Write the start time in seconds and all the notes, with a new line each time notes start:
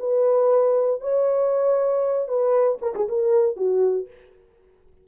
0.00 B4
1.01 C#5
2.28 B4
2.82 A#4
2.95 G#4
3.09 A#4
3.57 F#4